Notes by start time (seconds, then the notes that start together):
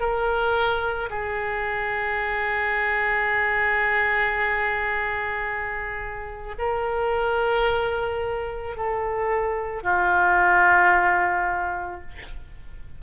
0.00 A#4
1.10 G#4
6.59 A#4
8.77 A4
9.83 F4